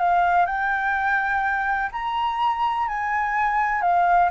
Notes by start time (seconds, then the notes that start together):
0.00 F5
0.46 G5
1.92 A#5
2.88 G#5
3.82 F5